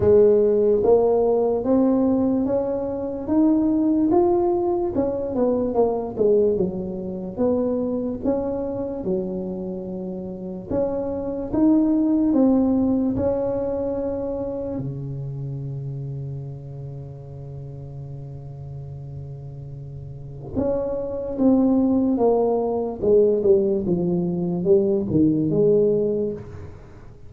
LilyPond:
\new Staff \with { instrumentName = "tuba" } { \time 4/4 \tempo 4 = 73 gis4 ais4 c'4 cis'4 | dis'4 f'4 cis'8 b8 ais8 gis8 | fis4 b4 cis'4 fis4~ | fis4 cis'4 dis'4 c'4 |
cis'2 cis2~ | cis1~ | cis4 cis'4 c'4 ais4 | gis8 g8 f4 g8 dis8 gis4 | }